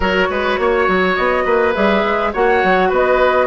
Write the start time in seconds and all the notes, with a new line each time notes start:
0.00 F#3 F#4 A#4 C#5
0.29 G#3 B4
0.58 A#3 C#5
0.87 F#3
1.15 B3 D#5
1.44 A#3 B4
1.74 G3 G#4 E5
2.04 G#3
2.33 A#3 F#4 C#5 F#5
2.63 F#3
2.89 B3 B4 D#5